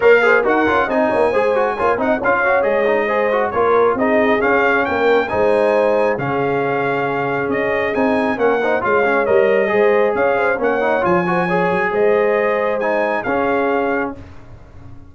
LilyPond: <<
  \new Staff \with { instrumentName = "trumpet" } { \time 4/4 \tempo 4 = 136 f''4 fis''4 gis''2~ | gis''8 fis''8 f''4 dis''2 | cis''4 dis''4 f''4 g''4 | gis''2 f''2~ |
f''4 dis''4 gis''4 fis''4 | f''4 dis''2 f''4 | fis''4 gis''2 dis''4~ | dis''4 gis''4 f''2 | }
  \new Staff \with { instrumentName = "horn" } { \time 4/4 cis''8 c''8 ais'4 dis''8 cis''8 c''4 | cis''8 dis''8 cis''2 c''4 | ais'4 gis'2 ais'4 | c''2 gis'2~ |
gis'2. ais'8 c''8 | cis''2 c''4 cis''8 c''8 | cis''4. c''8 cis''4 c''4~ | c''2 gis'2 | }
  \new Staff \with { instrumentName = "trombone" } { \time 4/4 ais'8 gis'8 fis'8 f'8 dis'4 gis'8 fis'8 | f'8 dis'8 f'8 fis'8 gis'8 dis'8 gis'8 fis'8 | f'4 dis'4 cis'2 | dis'2 cis'2~ |
cis'2 dis'4 cis'8 dis'8 | f'8 cis'8 ais'4 gis'2 | cis'8 dis'8 f'8 fis'8 gis'2~ | gis'4 dis'4 cis'2 | }
  \new Staff \with { instrumentName = "tuba" } { \time 4/4 ais4 dis'8 cis'8 c'8 ais8 gis4 | ais8 c'8 cis'4 gis2 | ais4 c'4 cis'4 ais4 | gis2 cis2~ |
cis4 cis'4 c'4 ais4 | gis4 g4 gis4 cis'4 | ais4 f4. fis8 gis4~ | gis2 cis'2 | }
>>